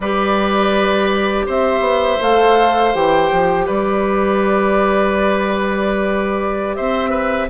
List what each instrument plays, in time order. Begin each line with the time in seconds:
0.00 bassoon G3, clarinet G4, oboe B4, flute D5
1.46 bassoon C4, oboe C5, flute E5
1.80 bassoon B3
2.20 bassoon A3, clarinet A4, flute F5
2.92 bassoon E3, clarinet G4, flute G5
3.31 bassoon F3
3.66 bassoon G3, oboe B4, flute D5
6.75 bassoon C4, oboe C5, flute E5
7.09 oboe B4